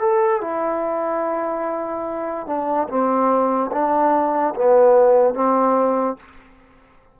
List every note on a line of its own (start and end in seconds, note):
0.00 0.41 A4
0.41 2.47 E4
2.47 2.88 D4
2.88 3.71 C4
3.72 4.54 D4
4.55 5.34 B3
5.34 6.16 C4